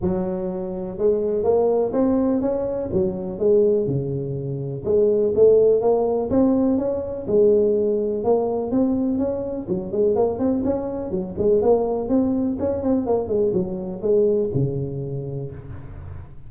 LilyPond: \new Staff \with { instrumentName = "tuba" } { \time 4/4 \tempo 4 = 124 fis2 gis4 ais4 | c'4 cis'4 fis4 gis4 | cis2 gis4 a4 | ais4 c'4 cis'4 gis4~ |
gis4 ais4 c'4 cis'4 | fis8 gis8 ais8 c'8 cis'4 fis8 gis8 | ais4 c'4 cis'8 c'8 ais8 gis8 | fis4 gis4 cis2 | }